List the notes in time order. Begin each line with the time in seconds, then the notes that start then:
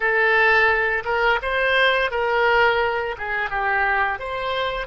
0.00 A4
1.04 A#4
1.42 C5
2.11 A#4
3.18 G#4
3.49 G4
4.19 C5